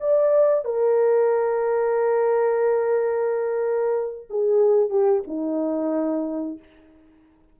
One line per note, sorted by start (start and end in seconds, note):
0.00 0.65 D5
0.65 4.27 A#4
4.30 4.90 G#4
4.90 5.23 G4
5.27 6.59 D#4